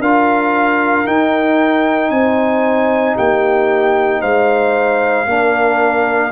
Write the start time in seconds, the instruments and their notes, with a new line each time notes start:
0.00 tuba D4, trombone F4, horn A#4, trumpet F5
1.06 trombone D#4, tuba D#4, trumpet G5
2.11 tuba C4, horn C5, trumpet G#5
3.16 tuba A#3, horn G4, trumpet G5
4.21 tuba G#3, horn C5, trumpet F5
5.27 tuba A#3, trombone D4, horn A#4